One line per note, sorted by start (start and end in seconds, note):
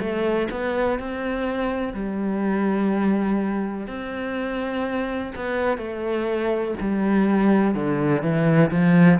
0.00 0.48 A3
0.51 0.99 B3
0.99 1.94 C4
1.94 3.88 G3
3.88 5.33 C4
5.36 5.78 B3
5.78 6.74 A3
6.80 7.75 G3
7.75 8.22 D3
8.22 8.71 E3
8.71 9.19 F3